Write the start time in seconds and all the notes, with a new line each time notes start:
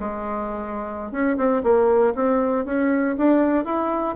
0.00 G#3
1.11 C#4
1.37 C4
1.63 A#3
2.15 C4
2.65 C#4
3.17 D4
3.65 E4